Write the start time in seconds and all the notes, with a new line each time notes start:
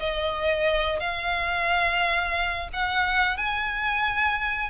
0.00 D#5
1.01 F5
2.74 F#5
3.38 G#5